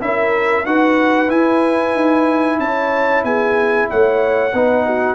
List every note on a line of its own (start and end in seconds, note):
0.00 0.65 C#4
0.00 0.65 E4
0.00 0.65 A#4
0.00 0.65 E5
0.65 1.30 D#4
0.65 1.28 F#4
0.65 2.58 B4
0.65 1.30 F#5
1.28 4.50 E4
1.28 1.94 E4
1.28 2.59 G#5
1.94 2.59 D#4
2.59 3.23 C#4
2.59 3.24 C#5
2.59 3.24 A5
3.23 3.88 B3
3.23 3.89 G#4
3.23 3.89 G#5
3.90 4.53 A3
3.90 4.54 C#5
3.90 5.14 F#5
4.53 5.14 B3
4.53 5.14 D#4
4.53 4.85 B4
4.85 5.14 F#4